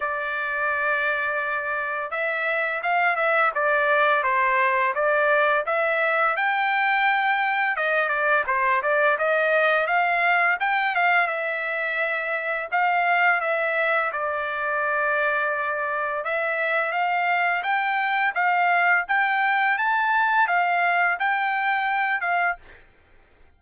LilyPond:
\new Staff \with { instrumentName = "trumpet" } { \time 4/4 \tempo 4 = 85 d''2. e''4 | f''8 e''8 d''4 c''4 d''4 | e''4 g''2 dis''8 d''8 | c''8 d''8 dis''4 f''4 g''8 f''8 |
e''2 f''4 e''4 | d''2. e''4 | f''4 g''4 f''4 g''4 | a''4 f''4 g''4. f''8 | }